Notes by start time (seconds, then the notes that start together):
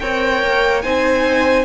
0.00 C4 A#4 C#5 G5
0.43 A#3
0.82 C4 D#4 C5 G#5